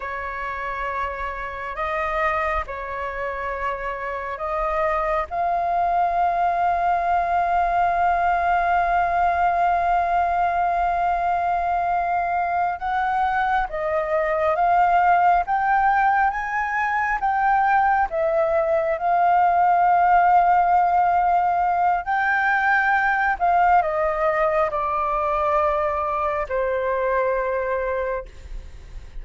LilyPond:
\new Staff \with { instrumentName = "flute" } { \time 4/4 \tempo 4 = 68 cis''2 dis''4 cis''4~ | cis''4 dis''4 f''2~ | f''1~ | f''2~ f''8 fis''4 dis''8~ |
dis''8 f''4 g''4 gis''4 g''8~ | g''8 e''4 f''2~ f''8~ | f''4 g''4. f''8 dis''4 | d''2 c''2 | }